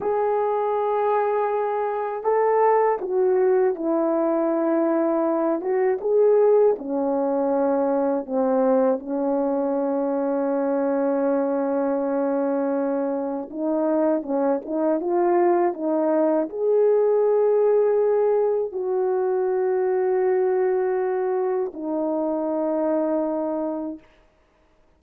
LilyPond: \new Staff \with { instrumentName = "horn" } { \time 4/4 \tempo 4 = 80 gis'2. a'4 | fis'4 e'2~ e'8 fis'8 | gis'4 cis'2 c'4 | cis'1~ |
cis'2 dis'4 cis'8 dis'8 | f'4 dis'4 gis'2~ | gis'4 fis'2.~ | fis'4 dis'2. | }